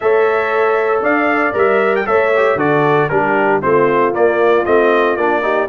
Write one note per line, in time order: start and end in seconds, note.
0.00 1.02 A3
0.00 1.53 A4
0.00 1.03 C#5
0.00 1.01 E5
1.02 1.53 D4
1.02 2.06 D5
1.02 1.55 F5
1.53 2.05 G3
1.53 2.05 A#4
1.53 1.95 E5
1.95 2.07 G5
2.05 2.55 A3
2.05 2.31 A4
2.05 2.57 C#5
2.05 2.58 E5
2.36 2.58 G4
2.55 3.07 D3
2.55 3.09 F#4
2.55 3.09 A4
2.55 3.09 D5
3.09 3.62 G3
3.09 3.62 D4
3.09 3.62 G4
3.09 3.60 A#4
3.62 4.13 A3
3.62 4.13 C4
3.62 5.43 F4
3.62 4.13 C5
4.13 4.64 A#3
4.13 4.65 A#3
4.13 4.65 D5
4.65 5.16 A3
4.65 5.17 C4
4.65 5.16 D#5
5.16 5.68 A#3
5.16 5.42 D4
5.16 5.68 D5
5.42 5.68 D#4
5.42 5.68 G4